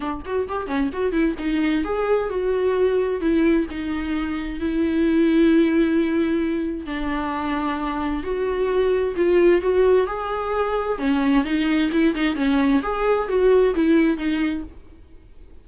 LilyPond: \new Staff \with { instrumentName = "viola" } { \time 4/4 \tempo 4 = 131 d'8 fis'8 g'8 cis'8 fis'8 e'8 dis'4 | gis'4 fis'2 e'4 | dis'2 e'2~ | e'2. d'4~ |
d'2 fis'2 | f'4 fis'4 gis'2 | cis'4 dis'4 e'8 dis'8 cis'4 | gis'4 fis'4 e'4 dis'4 | }